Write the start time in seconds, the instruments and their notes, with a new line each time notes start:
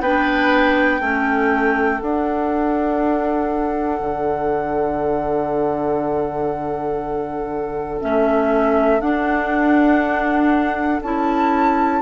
0.00 bassoon B3, clarinet D4, oboe B4, flute G5
1.00 bassoon A3, clarinet C#4, oboe A4
2.00 clarinet D4, bassoon D4, flute F#5
4.00 bassoon D3
8.01 bassoon A3, clarinet C#4, flute E5
9.00 bassoon D4, clarinet D4, flute F#5
11.02 bassoon C#4, clarinet E4, flute A5